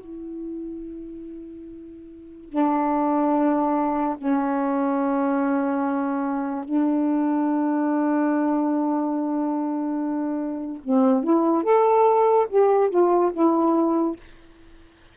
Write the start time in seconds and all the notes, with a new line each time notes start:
0.00 E4
2.49 D4
4.17 C#4
6.64 D4
10.84 C4
11.23 E4
11.63 A4
12.49 G4
12.89 F4
13.33 E4